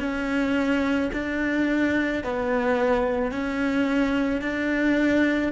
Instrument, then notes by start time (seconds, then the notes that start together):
cello
0.00 C#4
1.13 D4
2.24 B3
3.32 C#4
4.42 D4